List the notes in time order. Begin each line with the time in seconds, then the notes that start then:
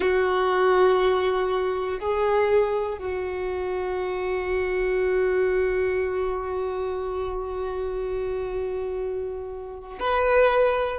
0.00 F#4
1.99 G#4
2.99 F#4
10.00 B4